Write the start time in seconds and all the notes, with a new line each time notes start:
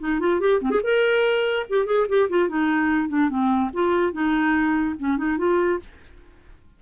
0.00 D#4
0.20 F4
0.40 G4
0.62 C4
0.71 G#4
0.84 A#4
1.70 G4
1.86 G#4
2.09 G4
2.30 F4
2.49 D#4
3.09 D4
3.30 C4
3.74 F4
4.13 D#4
4.99 C#4
5.18 D#4
5.38 F4